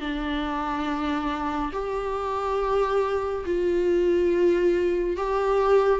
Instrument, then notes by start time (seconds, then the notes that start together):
viola
0.00 D4
1.72 G4
3.45 F4
5.16 G4